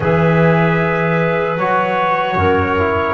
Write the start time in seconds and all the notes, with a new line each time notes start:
0.00 E3 G#4 B4 E5
1.57 F#3 F#4 C#5
2.35 F#2 A#4
2.78 E4